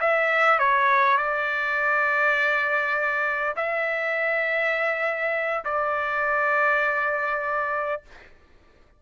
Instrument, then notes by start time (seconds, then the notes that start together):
trumpet
0.00 E5
0.59 C#5
1.17 D5
3.56 E5
5.64 D5